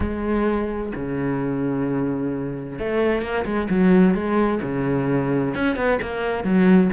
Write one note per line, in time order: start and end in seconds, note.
0.00 0.92 G#3
0.95 2.78 C#3
2.78 3.21 A3
3.21 3.44 A#3
3.45 3.68 G#3
3.69 4.14 F#3
4.14 4.60 G#3
4.62 5.54 C#3
5.54 5.75 C#4
5.75 5.99 B3
6.01 6.44 A#3
6.44 6.90 F#3